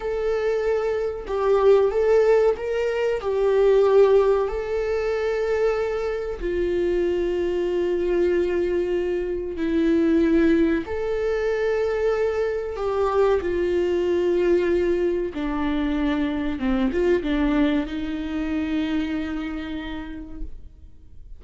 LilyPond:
\new Staff \with { instrumentName = "viola" } { \time 4/4 \tempo 4 = 94 a'2 g'4 a'4 | ais'4 g'2 a'4~ | a'2 f'2~ | f'2. e'4~ |
e'4 a'2. | g'4 f'2. | d'2 c'8 f'8 d'4 | dis'1 | }